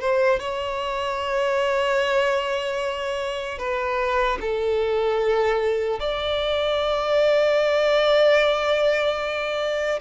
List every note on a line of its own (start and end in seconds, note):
0.00 0.39 C5
0.39 3.58 C#5
3.58 4.38 B4
4.40 5.99 A4
5.99 9.99 D5